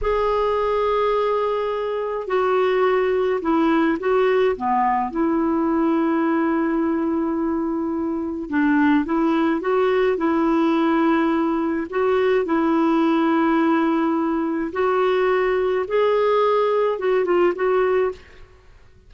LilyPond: \new Staff \with { instrumentName = "clarinet" } { \time 4/4 \tempo 4 = 106 gis'1 | fis'2 e'4 fis'4 | b4 e'2.~ | e'2. d'4 |
e'4 fis'4 e'2~ | e'4 fis'4 e'2~ | e'2 fis'2 | gis'2 fis'8 f'8 fis'4 | }